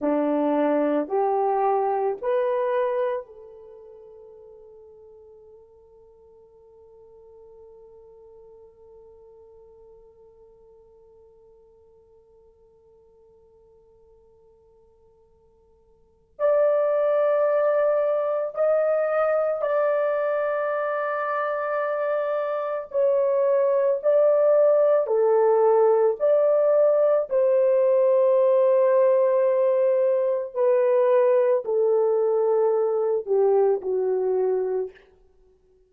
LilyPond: \new Staff \with { instrumentName = "horn" } { \time 4/4 \tempo 4 = 55 d'4 g'4 b'4 a'4~ | a'1~ | a'1~ | a'2. d''4~ |
d''4 dis''4 d''2~ | d''4 cis''4 d''4 a'4 | d''4 c''2. | b'4 a'4. g'8 fis'4 | }